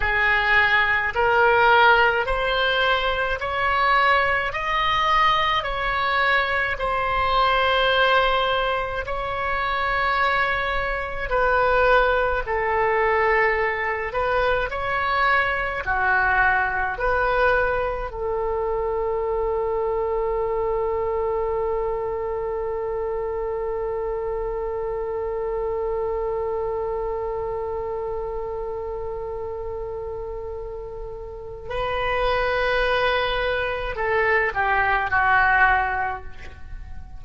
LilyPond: \new Staff \with { instrumentName = "oboe" } { \time 4/4 \tempo 4 = 53 gis'4 ais'4 c''4 cis''4 | dis''4 cis''4 c''2 | cis''2 b'4 a'4~ | a'8 b'8 cis''4 fis'4 b'4 |
a'1~ | a'1~ | a'1 | b'2 a'8 g'8 fis'4 | }